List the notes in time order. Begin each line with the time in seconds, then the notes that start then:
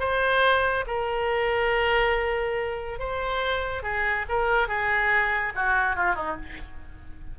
0.00 C5
0.87 A#4
3.00 C5
3.83 G#4
4.29 A#4
4.68 G#4
5.56 F#4
5.96 F4
6.16 D#4